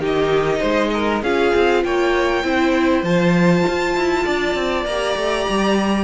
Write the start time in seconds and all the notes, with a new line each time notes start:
0.00 D#3 D#4 G4 D#5
0.59 G#3 C5
0.93 A#4
1.23 C#4 F4 G#4 F5
1.55 C4
1.84 A#3 C#5 G5
2.44 C4 E4 C5
3.03 F3 F4 A5
3.68 F4
3.96 E4
4.25 D4 D5
4.55 C4
4.86 A#3 G4 A#5
5.16 A3
5.49 G3